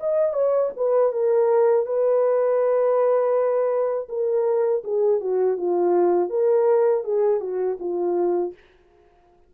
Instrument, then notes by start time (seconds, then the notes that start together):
horn
0.00 D#5
0.33 C#5
0.76 B4
1.12 A#4
1.86 B4
4.09 A#4
4.84 G#4
5.21 F#4
5.57 F4
6.30 A#4
7.04 G#4
7.40 F#4
7.79 F4